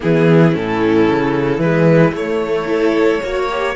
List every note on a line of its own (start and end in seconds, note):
0.00 0.55 E3
0.00 0.51 B3
0.00 2.67 E4
0.00 0.54 G#4
0.51 1.08 A2
0.51 1.58 C#4
0.51 1.60 A4
1.08 1.58 C#3
1.58 2.11 E3
1.58 2.12 G#3
1.58 2.13 B4
2.12 3.19 A3
2.12 2.66 A3
2.12 3.75 C#5
2.66 3.19 E4
2.66 3.21 A4
3.22 3.75 A#3
3.22 3.48 F#4
3.22 3.75 C#5
3.48 3.75 G4